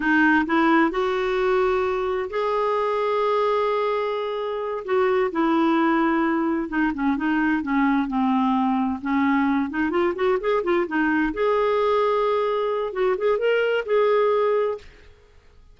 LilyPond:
\new Staff \with { instrumentName = "clarinet" } { \time 4/4 \tempo 4 = 130 dis'4 e'4 fis'2~ | fis'4 gis'2.~ | gis'2~ gis'8 fis'4 e'8~ | e'2~ e'8 dis'8 cis'8 dis'8~ |
dis'8 cis'4 c'2 cis'8~ | cis'4 dis'8 f'8 fis'8 gis'8 f'8 dis'8~ | dis'8 gis'2.~ gis'8 | fis'8 gis'8 ais'4 gis'2 | }